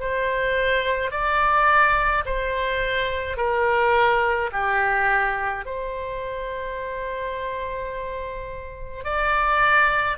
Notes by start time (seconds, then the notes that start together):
0.00 C5
1.11 D5
2.25 C5
3.37 A#4
4.52 G4
5.66 C5
9.04 D5